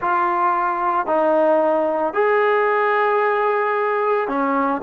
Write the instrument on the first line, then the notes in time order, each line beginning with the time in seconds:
trombone
0.00 F4
1.06 D#4
2.13 G#4
4.28 C#4